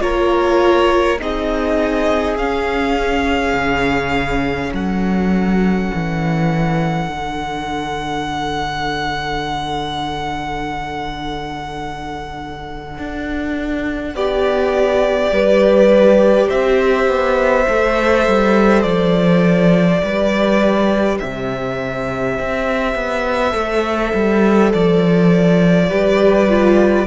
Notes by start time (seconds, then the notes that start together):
0.00 A#3 F4 A#4 C#5
1.19 C4 D#4 G#4 D#5
2.38 C#4 F5
3.54 C#3
4.74 F#3 A4 F#5
5.94 E3
7.07 D3 D4
12.99 D4
14.15 B3 G4 D5
15.28 G3 G4 B4
16.47 C4 C5 E5
17.08 B3
17.69 A3 A4
18.27 G3
18.83 F3 D5
20.03 G3 G4 B4
21.19 C3 C5 E5
22.39 C4
22.95 B3
23.51 A3 A4
24.14 G3
24.73 F3 D5
25.89 G3 G4 B4
26.49 F4